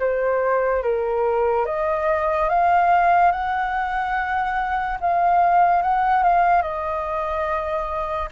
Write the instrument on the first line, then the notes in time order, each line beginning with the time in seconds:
flute
0.00 C5
0.83 A#4
1.66 D#5
2.50 F5
3.32 F#5
5.01 F5
5.83 F#5
6.24 F5
6.62 D#5